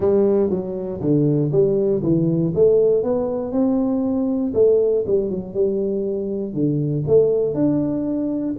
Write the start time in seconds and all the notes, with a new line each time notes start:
0.00 G3
0.50 F#3
1.00 D3
1.51 G3
2.03 E3
2.54 A3
3.03 B3
3.52 C4
4.54 A3
5.06 G3
5.30 F#3
5.53 G3
6.53 D3
7.07 A3
7.54 D4